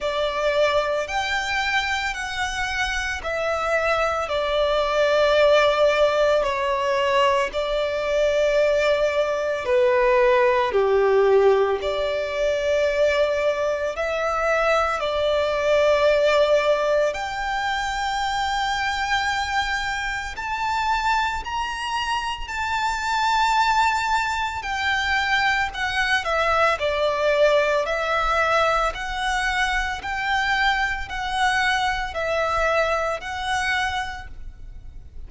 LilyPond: \new Staff \with { instrumentName = "violin" } { \time 4/4 \tempo 4 = 56 d''4 g''4 fis''4 e''4 | d''2 cis''4 d''4~ | d''4 b'4 g'4 d''4~ | d''4 e''4 d''2 |
g''2. a''4 | ais''4 a''2 g''4 | fis''8 e''8 d''4 e''4 fis''4 | g''4 fis''4 e''4 fis''4 | }